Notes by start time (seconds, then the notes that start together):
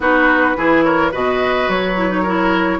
0.00 B3 D#4 F#4 B4
0.56 E3 E4 G#4
0.83 A#4 C#5
1.11 B2 F#4 B4 D#5
1.68 F#3 C#5
1.96 E4
2.09 D#4
2.21 E4 A#4